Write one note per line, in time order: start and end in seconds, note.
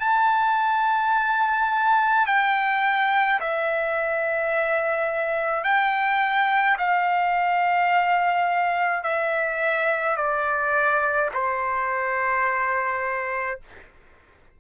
0.00 2.26 A5
2.26 3.40 G5
3.40 5.63 E5
5.63 6.77 G5
6.78 9.04 F5
9.04 10.17 E5
10.17 11.30 D5
11.34 13.61 C5